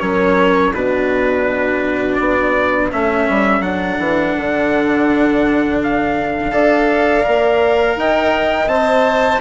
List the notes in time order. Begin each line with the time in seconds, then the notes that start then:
0.00 F#3 C#4 A#4 C#5
0.73 B2 D4 F#4 B4
2.15 B3 D5
2.90 A3 C#4 A4 E5
3.29 G3
3.60 F#3 D4 F#5
3.99 E3
4.37 D3
5.83 F5
6.52 D4 A4 D5
7.23 A#3 A#4
7.96 D#4 D#5 G5
8.67 C4 C5 A5